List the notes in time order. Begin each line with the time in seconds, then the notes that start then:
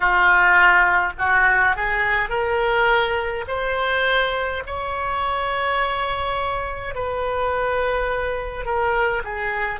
0.00 F4
1.18 F#4
1.76 G#4
2.29 A#4
3.47 C5
4.66 C#5
6.94 B4
8.65 A#4
9.24 G#4